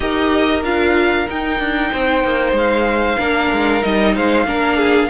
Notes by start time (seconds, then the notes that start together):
0.00 D#4 G4 A#4 D#5
0.63 D4 F4 F5
1.27 D#4 G5
1.59 D4
1.91 C4 C5
2.23 A#3
2.52 G#3 F5
3.18 A#3 D4 A#4
3.51 G#3
3.81 G3 D#4 D#5
4.14 G#3 C5 F5
4.45 A#3 D4 A#4
4.76 G#4